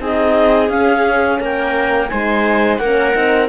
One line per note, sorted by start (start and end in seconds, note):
0.00 0.69 C4
0.00 0.70 D#4
0.00 1.41 G#4
0.00 0.70 D#5
0.69 1.39 C#4
0.69 2.11 C#4
0.69 1.40 F5
1.41 2.11 A#3
1.41 2.10 A#4
1.41 2.09 G5
2.09 2.79 G#3
2.09 2.82 D#4
2.09 2.80 C5
2.09 2.78 G#5
2.78 3.14 A#3
2.78 3.13 C#4
2.78 3.49 A#4
2.78 3.48 F#5
3.13 3.49 C4
3.13 3.48 D#4